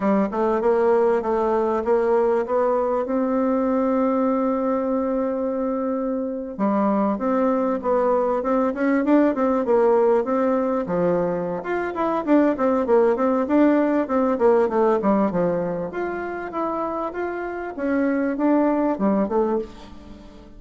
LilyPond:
\new Staff \with { instrumentName = "bassoon" } { \time 4/4 \tempo 4 = 98 g8 a8 ais4 a4 ais4 | b4 c'2.~ | c'2~ c'8. g4 c'16~ | c'8. b4 c'8 cis'8 d'8 c'8 ais16~ |
ais8. c'4 f4~ f16 f'8 e'8 | d'8 c'8 ais8 c'8 d'4 c'8 ais8 | a8 g8 f4 f'4 e'4 | f'4 cis'4 d'4 g8 a8 | }